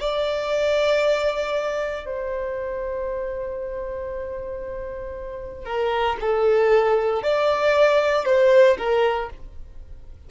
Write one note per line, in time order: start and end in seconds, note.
0.00 2.05 D5
2.05 5.65 C5
5.65 6.16 A#4
6.21 7.23 A4
7.23 8.25 D5
8.25 8.77 C5
8.78 9.30 A#4